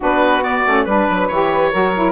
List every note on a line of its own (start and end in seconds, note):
0.00 0.66 B3
0.00 0.41 D4
0.00 0.84 F#4
0.00 0.43 B4
0.41 0.63 B3
0.41 0.85 D5
0.66 0.86 A3
0.66 0.88 C#4
0.84 1.07 G3
0.84 1.31 D4
0.84 1.71 B4
0.84 1.28 B4
1.09 1.30 F#3
1.28 1.73 E3
1.28 1.72 G4
1.28 2.11 C#5
1.71 2.11 F#3
1.71 1.94 F#4
1.71 2.11 A#4
1.94 2.11 E4